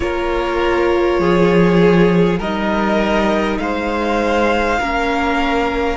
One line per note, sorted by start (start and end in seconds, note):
0.00 1.18 A#3
0.00 2.39 F4
0.00 1.20 A#4
0.00 2.37 C#5
1.18 2.38 F3
1.18 2.39 G#4
2.39 3.58 G3
2.39 4.80 D#4
2.39 3.59 A#4
2.39 3.58 D#5
3.58 4.79 G#3
3.58 4.79 C5
3.58 5.96 F5
4.79 5.96 A#3
4.79 5.96 C#4
4.79 5.96 A#4